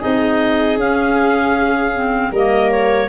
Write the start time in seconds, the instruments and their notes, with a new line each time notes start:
0.00 tuba C4, clarinet D#4 D#5, viola G#4
0.77 tuba C#4, clarinet C#4 F5
1.94 clarinet C4
2.32 tuba G3, clarinet A#3 D#5, viola A#4
2.71 clarinet C#5